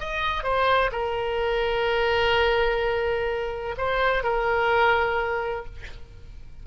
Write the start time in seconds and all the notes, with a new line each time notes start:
0.00 D#5
0.44 C5
0.92 A#4
3.78 C5
4.24 A#4